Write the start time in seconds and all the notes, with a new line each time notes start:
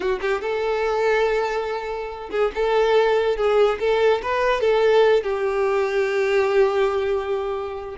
0.00 F#4
0.21 G4
0.41 A4
2.30 G#4
2.54 A4
3.37 G#4
3.79 A4
4.22 B4
4.60 A4
5.23 G4